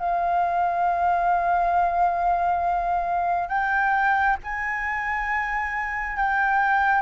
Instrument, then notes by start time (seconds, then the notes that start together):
flute
0.00 F5
3.49 G5
4.44 G#5
6.17 G5